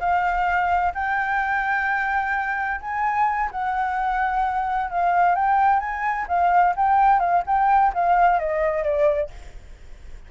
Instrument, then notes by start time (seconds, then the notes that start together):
flute
0.00 F5
0.95 G5
2.81 G#5
3.52 F#5
4.91 F5
5.36 G5
5.80 G#5
6.29 F5
6.76 G5
7.20 F5
7.47 G5
7.94 F5
8.40 D#5
8.84 D5